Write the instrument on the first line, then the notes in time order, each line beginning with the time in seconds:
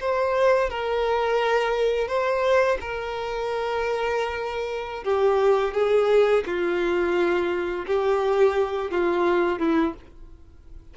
violin
0.00 C5
0.69 A#4
2.08 C5
2.81 A#4
5.04 G4
5.74 G#4
6.46 F4
7.86 G4
8.91 F4
9.59 E4